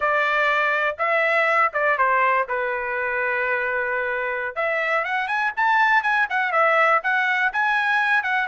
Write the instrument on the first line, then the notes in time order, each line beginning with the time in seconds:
trumpet
0.00 D5
0.98 E5
1.73 D5
1.98 C5
2.48 B4
4.55 E5
5.04 F#5
5.27 G#5
5.56 A5
6.02 G#5
6.29 F#5
6.52 E5
7.03 F#5
7.52 G#5
8.23 F#5